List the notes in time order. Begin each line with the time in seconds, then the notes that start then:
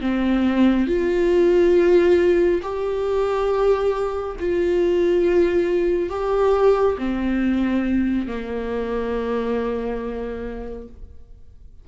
0.00 C4
0.87 F4
2.62 G4
4.40 F4
6.09 G4
6.98 C4
8.27 A#3